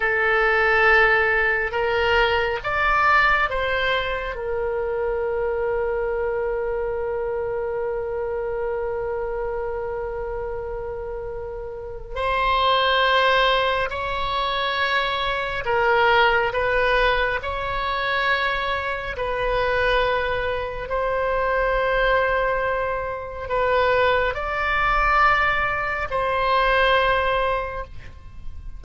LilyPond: \new Staff \with { instrumentName = "oboe" } { \time 4/4 \tempo 4 = 69 a'2 ais'4 d''4 | c''4 ais'2.~ | ais'1~ | ais'2 c''2 |
cis''2 ais'4 b'4 | cis''2 b'2 | c''2. b'4 | d''2 c''2 | }